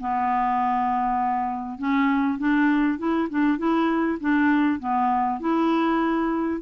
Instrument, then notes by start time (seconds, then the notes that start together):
clarinet
0.00 B3
1.79 C#4
2.38 D4
2.98 E4
3.29 D4
3.58 E4
4.20 D4
4.80 B3
5.40 E4